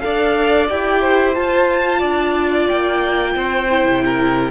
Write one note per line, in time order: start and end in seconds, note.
0.00 0.70 D4
0.00 0.67 A4
0.00 1.01 D5
0.00 0.67 F5
0.70 1.36 E4
0.70 1.34 G4
0.70 1.35 G5
1.01 1.99 C5
1.34 3.68 F4
1.34 2.03 F4
1.34 2.68 A5
1.99 2.69 D4
1.99 3.32 D5
2.68 3.35 A#3
2.68 4.51 G5
3.35 3.85 C4
3.35 4.04 C5
3.70 4.51 E4
3.85 4.51 C3
4.05 4.51 A#4